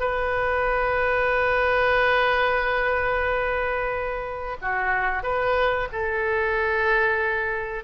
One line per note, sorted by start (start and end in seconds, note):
0.00 4.57 B4
4.62 5.23 F#4
5.23 5.88 B4
5.92 7.84 A4